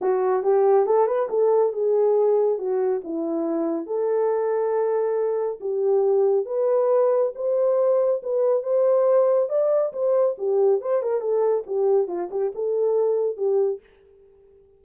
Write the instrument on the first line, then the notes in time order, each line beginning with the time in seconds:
horn
0.01 F#4
0.43 G4
0.86 A4
1.06 B4
1.29 A4
1.72 G#4
2.58 F#4
3.04 E4
3.86 A4
5.60 G4
6.45 B4
7.35 C5
8.22 B4
8.63 C5
9.49 D5
9.92 C5
10.38 G4
10.81 C5
11.02 A#4
11.21 A4
11.66 G4
12.07 F4
12.30 G4
12.55 A4
13.36 G4